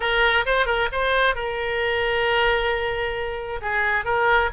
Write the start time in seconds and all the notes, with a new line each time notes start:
0.00 A#4
0.45 C5
0.65 A#4
0.92 C5
1.35 A#4
3.61 G#4
4.05 A#4